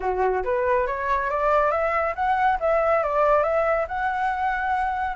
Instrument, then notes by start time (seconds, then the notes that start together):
flute
0.00 F#4
0.44 B4
0.87 C#5
1.30 D5
1.71 E5
2.15 F#5
2.60 E5
3.03 D5
3.43 E5
3.87 F#5